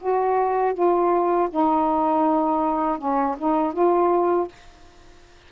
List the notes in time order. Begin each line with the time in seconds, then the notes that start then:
0.00 F#4
0.74 F4
1.50 D#4
2.99 C#4
3.39 D#4
3.73 F4